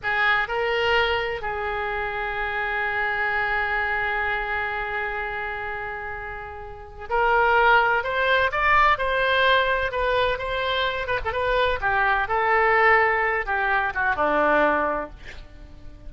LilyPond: \new Staff \with { instrumentName = "oboe" } { \time 4/4 \tempo 4 = 127 gis'4 ais'2 gis'4~ | gis'1~ | gis'1~ | gis'2. ais'4~ |
ais'4 c''4 d''4 c''4~ | c''4 b'4 c''4. b'16 a'16 | b'4 g'4 a'2~ | a'8 g'4 fis'8 d'2 | }